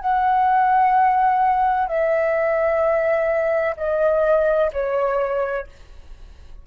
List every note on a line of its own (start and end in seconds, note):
0.00 1.87 F#5
1.87 3.75 E5
3.77 4.70 D#5
4.73 5.67 C#5